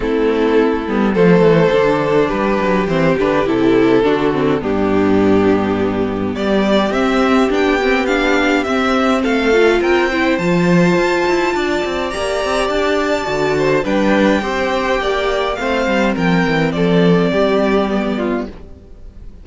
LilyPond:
<<
  \new Staff \with { instrumentName = "violin" } { \time 4/4 \tempo 4 = 104 a'2 c''2 | b'4 c''8 b'8 a'2 | g'2. d''4 | e''4 g''4 f''4 e''4 |
f''4 g''4 a''2~ | a''4 ais''4 a''2 | g''2. f''4 | g''4 d''2. | }
  \new Staff \with { instrumentName = "violin" } { \time 4/4 e'2 a'2 | g'2. fis'4 | d'2. g'4~ | g'1 |
a'4 ais'8 c''2~ c''8 | d''2.~ d''8 c''8 | b'4 c''4 d''4 c''4 | ais'4 a'4 g'4. f'8 | }
  \new Staff \with { instrumentName = "viola" } { \time 4/4 c'4. b8 a4 d'4~ | d'4 c'8 d'8 e'4 d'8 c'8 | b1 | c'4 d'8 c'8 d'4 c'4~ |
c'8 f'4 e'8 f'2~ | f'4 g'2 fis'4 | d'4 g'2 c'4~ | c'2. b4 | }
  \new Staff \with { instrumentName = "cello" } { \time 4/4 a4. g8 f8 e8 d4 | g8 fis8 e8 d8 c4 d4 | g,2. g4 | c'4 b2 c'4 |
a4 c'4 f4 f'8 e'8 | d'8 c'8 ais8 c'8 d'4 d4 | g4 c'4 ais4 a8 g8 | f8 e8 f4 g2 | }
>>